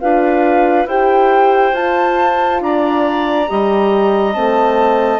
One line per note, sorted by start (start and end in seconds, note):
0.00 0.86 D4
0.00 0.88 F4
0.00 0.88 B4
0.00 0.87 F5
0.86 1.72 E4
0.86 1.74 G4
0.86 2.62 C5
0.86 1.75 G5
1.74 3.47 F4
1.74 2.61 F4
1.74 2.62 A5
2.61 3.48 D4
2.61 3.49 D5
2.61 4.33 A#5
3.48 4.36 G3
3.48 4.34 G4
3.48 5.20 D#5
4.33 5.20 A3
4.33 5.20 C4
4.33 5.20 A5